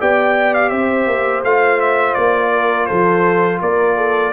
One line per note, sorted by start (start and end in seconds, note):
0.00 0.71 B3
0.00 1.45 G4
0.00 0.70 D5
0.00 0.54 G5
0.54 0.69 F5
0.69 1.06 C4
0.69 2.51 C5
0.69 1.41 E5
1.06 1.43 A#3
1.43 2.15 A3
1.43 4.32 F4
1.43 1.81 F5
1.81 2.14 E5
2.14 2.89 A#3
2.14 2.86 D5
2.52 2.87 A#4
2.86 3.61 F3
2.86 3.60 A4
2.86 3.58 C5
3.61 4.32 A#3
3.61 3.96 A#4
3.61 4.32 D5
3.96 4.32 A4